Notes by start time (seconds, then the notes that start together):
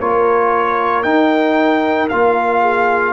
0.00 A#3 F4 A#4 C#5
1.04 D#4 G5
2.09 A#3 F4 F5
2.62 G#4